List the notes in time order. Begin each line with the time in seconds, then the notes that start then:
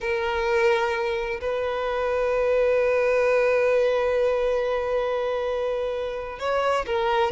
0.00 A#4
1.41 B4
6.39 C#5
6.86 A#4